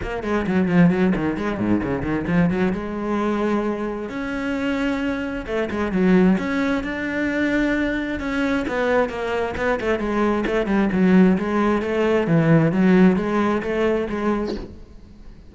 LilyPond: \new Staff \with { instrumentName = "cello" } { \time 4/4 \tempo 4 = 132 ais8 gis8 fis8 f8 fis8 dis8 gis8 gis,8 | cis8 dis8 f8 fis8 gis2~ | gis4 cis'2. | a8 gis8 fis4 cis'4 d'4~ |
d'2 cis'4 b4 | ais4 b8 a8 gis4 a8 g8 | fis4 gis4 a4 e4 | fis4 gis4 a4 gis4 | }